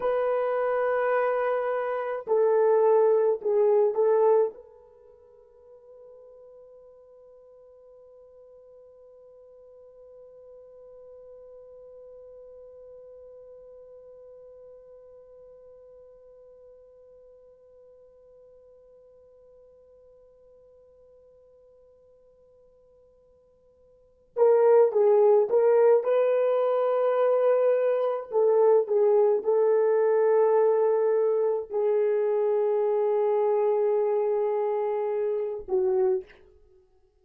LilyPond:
\new Staff \with { instrumentName = "horn" } { \time 4/4 \tempo 4 = 53 b'2 a'4 gis'8 a'8 | b'1~ | b'1~ | b'1~ |
b'1~ | b'4. ais'8 gis'8 ais'8 b'4~ | b'4 a'8 gis'8 a'2 | gis'2.~ gis'8 fis'8 | }